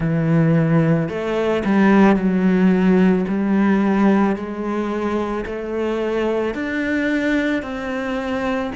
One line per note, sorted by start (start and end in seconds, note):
0.00 1.09 E3
1.09 1.63 A3
1.65 2.16 G3
2.16 3.25 F#3
3.27 4.35 G3
4.35 5.44 G#3
5.45 6.54 A3
6.54 7.62 D4
7.62 8.71 C4